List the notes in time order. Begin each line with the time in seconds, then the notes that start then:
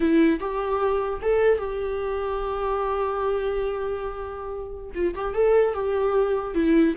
0.00 E4
0.39 G4
1.21 A4
1.58 G4
4.94 F4
5.15 G4
5.34 A4
5.74 G4
6.54 E4